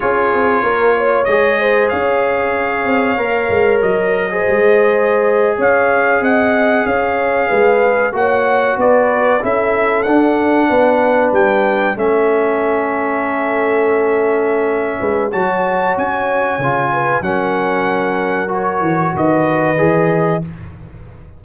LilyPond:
<<
  \new Staff \with { instrumentName = "trumpet" } { \time 4/4 \tempo 4 = 94 cis''2 dis''4 f''4~ | f''2 dis''2~ | dis''8. f''4 fis''4 f''4~ f''16~ | f''8. fis''4 d''4 e''4 fis''16~ |
fis''4.~ fis''16 g''4 e''4~ e''16~ | e''1 | a''4 gis''2 fis''4~ | fis''4 cis''4 dis''2 | }
  \new Staff \with { instrumentName = "horn" } { \time 4/4 gis'4 ais'8 cis''4 c''8 cis''4~ | cis''2~ cis''8. c''4~ c''16~ | c''8. cis''4 dis''4 cis''4 b'16~ | b'8. cis''4 b'4 a'4~ a'16~ |
a'8. b'2 a'4~ a'16~ | a'2.~ a'8 b'8 | cis''2~ cis''8 b'8 ais'4~ | ais'2 b'2 | }
  \new Staff \with { instrumentName = "trombone" } { \time 4/4 f'2 gis'2~ | gis'4 ais'4.~ ais'16 gis'4~ gis'16~ | gis'1~ | gis'8. fis'2 e'4 d'16~ |
d'2~ d'8. cis'4~ cis'16~ | cis'1 | fis'2 f'4 cis'4~ | cis'4 fis'2 gis'4 | }
  \new Staff \with { instrumentName = "tuba" } { \time 4/4 cis'8 c'8 ais4 gis4 cis'4~ | cis'8 c'8 ais8 gis8 fis4 gis4~ | gis8. cis'4 c'4 cis'4 gis16~ | gis8. ais4 b4 cis'4 d'16~ |
d'8. b4 g4 a4~ a16~ | a2.~ a8 gis8 | fis4 cis'4 cis4 fis4~ | fis4. e8 dis4 e4 | }
>>